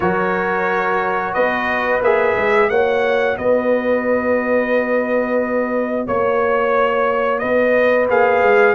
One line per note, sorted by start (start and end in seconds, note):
0.00 1.35 F#3
0.00 2.02 F#4
0.00 1.33 A#4
0.00 1.33 C#5
1.33 2.01 B3
1.33 2.68 B4
1.33 2.01 D#5
2.01 2.35 A#3
2.01 2.71 G#4
2.01 2.69 E5
2.36 2.70 G#3
2.69 3.37 A#3
2.69 8.09 F#4
2.69 3.37 C#5
2.69 3.37 F#5
3.37 6.07 B3
3.37 6.06 B4
3.37 6.07 D#5
6.06 7.42 A#3
6.06 7.40 C#5
6.06 7.38 C#5
7.38 8.10 B3
7.38 8.75 B4
7.38 8.06 D#5
8.09 8.42 A#3
8.09 8.75 G#4
8.09 8.75 F5
8.42 8.75 G#3